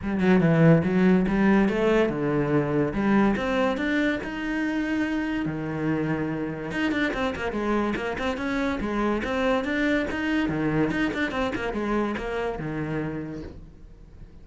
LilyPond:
\new Staff \with { instrumentName = "cello" } { \time 4/4 \tempo 4 = 143 g8 fis8 e4 fis4 g4 | a4 d2 g4 | c'4 d'4 dis'2~ | dis'4 dis2. |
dis'8 d'8 c'8 ais8 gis4 ais8 c'8 | cis'4 gis4 c'4 d'4 | dis'4 dis4 dis'8 d'8 c'8 ais8 | gis4 ais4 dis2 | }